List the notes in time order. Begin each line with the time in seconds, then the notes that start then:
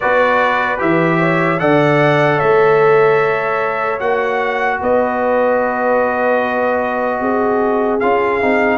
0.00 B3 F#4 B4 D5
0.78 E3 G4 E5
1.19 C#5
1.59 D3 A4 D5 F#5
2.36 A3 C#5 E5
3.99 A#3 F#4 F#5
4.80 B3 B4 D#5
7.19 C4 G#4
8.00 C#4 F4 F5
8.41 C4 D#4